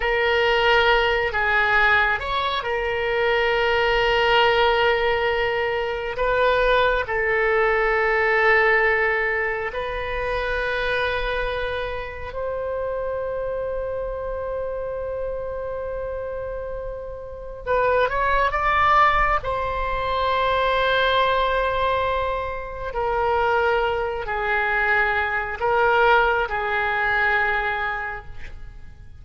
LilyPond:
\new Staff \with { instrumentName = "oboe" } { \time 4/4 \tempo 4 = 68 ais'4. gis'4 cis''8 ais'4~ | ais'2. b'4 | a'2. b'4~ | b'2 c''2~ |
c''1 | b'8 cis''8 d''4 c''2~ | c''2 ais'4. gis'8~ | gis'4 ais'4 gis'2 | }